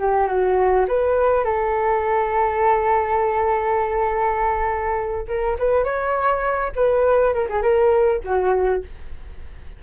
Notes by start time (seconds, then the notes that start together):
0.00 G4
0.28 F#4
0.89 B4
1.45 A4
5.28 A#4
5.59 B4
5.84 C#5
6.76 B4
7.34 A#4
7.49 G#4
7.63 A#4
8.25 F#4